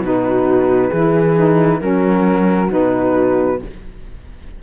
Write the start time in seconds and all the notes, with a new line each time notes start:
0.00 B2 D#4 F#4 B4
0.88 E3 E4 G#4
1.37 D#4
1.80 F#3 C#4 F#4 A#4
2.69 B2 D#4 B4